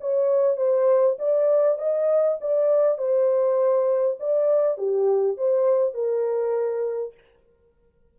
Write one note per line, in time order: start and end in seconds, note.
0.00 0.56 C#5
0.56 1.16 C5
1.18 1.78 D5
1.78 2.38 D#5
2.41 2.98 D5
2.98 4.18 C5
4.19 4.77 D5
4.77 5.37 G4
5.37 5.94 C5
5.94 7.14 A#4